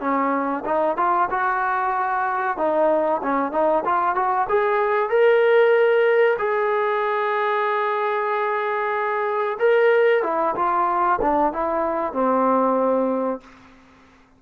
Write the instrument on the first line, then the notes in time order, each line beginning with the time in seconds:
trombone
0.00 C#4
0.65 D#4
0.97 F4
1.30 F#4
2.57 D#4
3.22 C#4
3.52 D#4
3.85 F4
4.15 F#4
4.49 G#4
5.09 A#4
6.38 G#4
9.59 A#4
10.23 E4
10.56 F4
11.21 D4
11.52 E4
12.13 C4